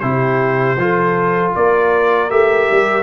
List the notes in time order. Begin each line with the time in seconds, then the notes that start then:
0.00 C3 E4 G4 C5
0.77 F3 F4 A4
1.56 A#3 A#4 D5
2.30 A3 G4 E5
2.71 G3